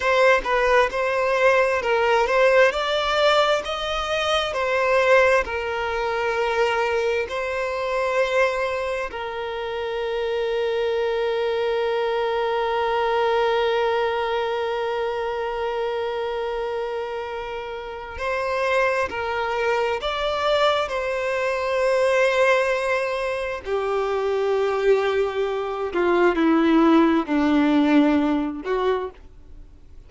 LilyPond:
\new Staff \with { instrumentName = "violin" } { \time 4/4 \tempo 4 = 66 c''8 b'8 c''4 ais'8 c''8 d''4 | dis''4 c''4 ais'2 | c''2 ais'2~ | ais'1~ |
ais'1 | c''4 ais'4 d''4 c''4~ | c''2 g'2~ | g'8 f'8 e'4 d'4. fis'8 | }